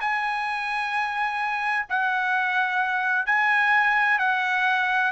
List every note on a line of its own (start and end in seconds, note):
0.00 1.86 G#5
1.89 3.26 F#5
3.26 4.18 G#5
4.18 5.11 F#5